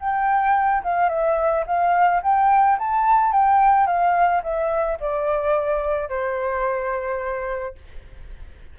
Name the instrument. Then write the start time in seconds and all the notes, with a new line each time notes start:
flute
0.00 G5
0.84 F5
1.09 E5
1.67 F5
2.23 G5
2.79 A5
3.33 G5
3.87 F5
4.43 E5
5.01 D5
6.09 C5